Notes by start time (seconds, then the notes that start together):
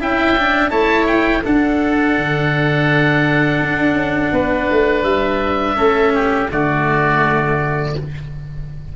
0.00 C#4 E4 E5 G5
0.37 D4
0.70 A3 E4 C#5 A5
1.07 G5
1.43 D4 A4 F#5
2.17 D3
3.61 D4
3.92 C#4
4.31 B3 B4
4.71 A3
5.03 G3 E5
5.76 A3 C#4 A4
6.14 G4
6.50 D3 A3 F#4 D5